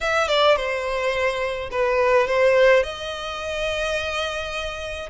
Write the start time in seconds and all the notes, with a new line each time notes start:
0.00 E5
0.28 D5
0.56 C5
1.71 B4
2.27 C5
2.83 D#5